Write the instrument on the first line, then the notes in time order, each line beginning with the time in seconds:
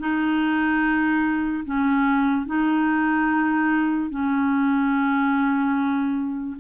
clarinet
0.00 D#4
1.66 C#4
2.47 D#4
4.11 C#4